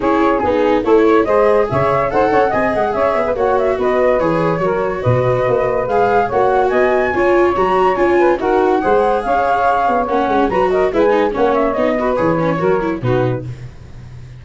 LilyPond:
<<
  \new Staff \with { instrumentName = "flute" } { \time 4/4 \tempo 4 = 143 cis''4 gis'4 cis''4 dis''4 | e''4 fis''4 gis''8 fis''8 e''4 | fis''8 e''8 dis''4 cis''2 | dis''2 f''4 fis''4 |
gis''2 ais''4 gis''4 | fis''2 f''2 | fis''4 ais''8 dis''8 e''16 gis''8. fis''8 e''8 | dis''4 cis''2 b'4 | }
  \new Staff \with { instrumentName = "saxophone" } { \time 4/4 gis'2 a'8 cis''8 c''4 | cis''4 c''8 cis''8 dis''4 cis''8. b'16 | cis''4 b'2 ais'4 | b'2. cis''4 |
dis''4 cis''2~ cis''8 b'8 | ais'4 c''4 cis''2~ | cis''4 b'8 ais'8 b'4 cis''4~ | cis''8 b'4. ais'4 fis'4 | }
  \new Staff \with { instrumentName = "viola" } { \time 4/4 e'4 dis'4 e'4 gis'4~ | gis'4 a'4 gis'2 | fis'2 gis'4 fis'4~ | fis'2 gis'4 fis'4~ |
fis'4 f'4 fis'4 f'4 | fis'4 gis'2. | cis'4 fis'4 e'8 dis'8 cis'4 | dis'8 fis'8 gis'8 cis'8 fis'8 e'8 dis'4 | }
  \new Staff \with { instrumentName = "tuba" } { \time 4/4 cis'4 b4 a4 gis4 | cis4 dis'8 cis'8 c'8 gis8 cis'8 b8 | ais4 b4 e4 fis4 | b,4 ais4 gis4 ais4 |
b4 cis'4 fis4 cis'4 | dis'4 gis4 cis'4. b8 | ais8 gis8 fis4 gis4 ais4 | b4 e4 fis4 b,4 | }
>>